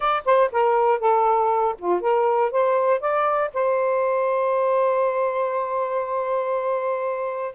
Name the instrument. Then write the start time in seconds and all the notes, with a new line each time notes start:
saxophone
0.00 D5
0.25 C5
0.52 A#4
0.99 A4
1.78 F4
2.00 A#4
2.51 C5
3.00 D5
3.53 C5